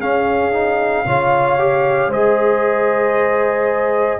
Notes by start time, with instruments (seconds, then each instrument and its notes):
0.00 tuba C#4, trombone C#4, horn G#4, trumpet F5
0.52 trombone D#4
1.05 tuba C#3, trombone F4, horn C#5
1.58 trombone G4
2.08 tuba G#3, trombone G#4, horn C5, trumpet D#5